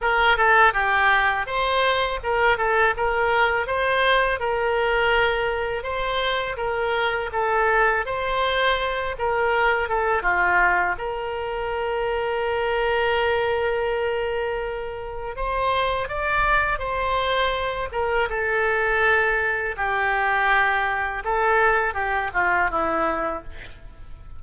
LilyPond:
\new Staff \with { instrumentName = "oboe" } { \time 4/4 \tempo 4 = 82 ais'8 a'8 g'4 c''4 ais'8 a'8 | ais'4 c''4 ais'2 | c''4 ais'4 a'4 c''4~ | c''8 ais'4 a'8 f'4 ais'4~ |
ais'1~ | ais'4 c''4 d''4 c''4~ | c''8 ais'8 a'2 g'4~ | g'4 a'4 g'8 f'8 e'4 | }